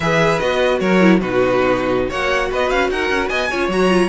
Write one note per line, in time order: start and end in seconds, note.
0.00 0.39 E3
0.00 0.40 G#4
0.00 0.79 B4
0.00 0.39 E5
0.39 0.80 B3
0.39 1.00 F#4
0.39 0.79 D#5
0.79 1.20 F#3
0.79 1.20 A#4
0.79 1.19 C#5
1.00 1.20 E4
1.20 2.10 B2
1.20 2.11 D#4
1.20 2.09 F#4
1.20 2.10 B4
2.09 2.50 A#3
2.09 3.51 F#4
2.09 2.49 C#5
2.09 2.51 F#5
2.50 2.71 B3
2.50 2.90 B4
2.50 2.70 D#5
2.70 2.90 C#4
2.70 2.90 F5
2.90 3.09 D#4
2.90 3.29 A#4
2.90 3.28 F#5
3.09 3.29 C#4
3.28 3.50 B3
3.28 3.49 D#5
3.28 3.68 G#5
3.50 3.68 C#4
3.50 3.71 F4
3.50 4.09 C#5
3.68 4.08 F#3
3.68 3.89 F#4
3.68 4.09 A#5
3.89 4.09 F4